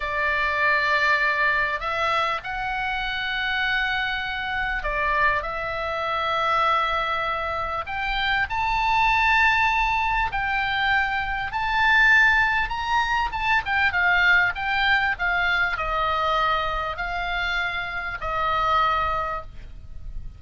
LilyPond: \new Staff \with { instrumentName = "oboe" } { \time 4/4 \tempo 4 = 99 d''2. e''4 | fis''1 | d''4 e''2.~ | e''4 g''4 a''2~ |
a''4 g''2 a''4~ | a''4 ais''4 a''8 g''8 f''4 | g''4 f''4 dis''2 | f''2 dis''2 | }